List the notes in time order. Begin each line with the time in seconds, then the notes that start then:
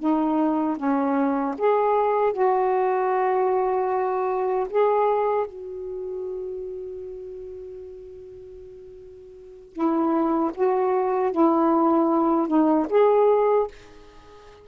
0.00 D#4
0.78 C#4
1.58 G#4
2.33 F#4
4.70 G#4
5.47 F#4
9.74 E4
10.55 F#4
11.32 E4
12.48 D#4
12.90 G#4